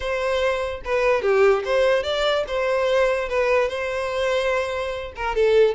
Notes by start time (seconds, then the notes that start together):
0.00 C5
0.84 B4
1.22 G4
1.64 C5
2.03 D5
2.47 C5
3.28 B4
3.68 C5
5.16 A#4
5.35 A4